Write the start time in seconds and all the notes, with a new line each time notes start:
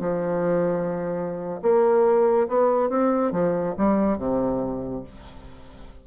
0.00 F3
1.62 A#3
2.48 B3
2.89 C4
3.32 F3
3.78 G3
4.18 C3